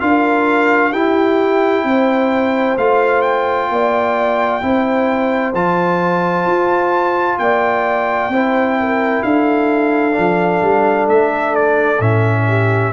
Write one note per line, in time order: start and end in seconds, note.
0.00 0.93 D4
0.00 0.92 F4
0.00 0.91 A#4
0.00 0.92 F5
0.91 1.83 E4
0.91 2.78 E4
0.91 1.84 G4
0.91 2.77 G5
1.83 2.76 C4
1.83 3.71 C5
2.77 3.69 A3
2.77 4.61 F4
2.77 3.22 F5
3.22 5.52 G5
3.69 4.62 A#3
3.69 4.65 D5
4.61 5.53 C4
4.61 5.53 E4
4.61 7.41 C5
5.53 6.46 F3
5.53 8.32 F4
5.53 7.38 A5
6.46 7.38 F4
7.38 8.29 A#3
7.38 8.33 D5
7.38 9.23 G5
8.29 9.21 C4
8.29 10.12 E4
8.29 8.79 C5
8.79 9.26 A#4
9.23 10.16 D4
9.23 12.47 A4
9.23 11.07 F5
10.12 10.62 F3
10.12 11.97 D4
10.62 11.07 G3
11.07 11.99 A3
11.07 11.55 E5
11.55 12.01 D5
11.99 12.92 A2
11.99 12.93 C#4
11.99 12.93 E5
12.47 12.93 G4